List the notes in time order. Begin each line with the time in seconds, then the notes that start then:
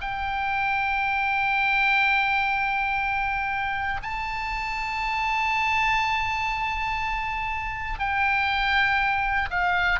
0.00 G5
4.02 A5
7.99 G5
9.50 F5